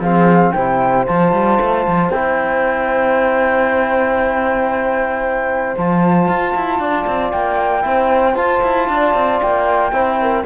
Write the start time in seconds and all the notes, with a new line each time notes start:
0.00 F3 C4 G#4 F5
0.52 C3 E4 C5 G5
1.07 F3 F4 A5
1.33 G3
1.61 A3
1.87 F3
2.09 C4 E4 G5
5.77 F3 F4 A5
6.28 F4
6.55 E4
6.79 D4 D5
7.07 C4
7.32 A#3 G5
7.82 C4 E4 C5
8.35 F4 A5
8.63 E4
8.88 D4 D5
9.14 C4
9.41 A#3 G5
9.92 C4 E4 C5
10.22 A#4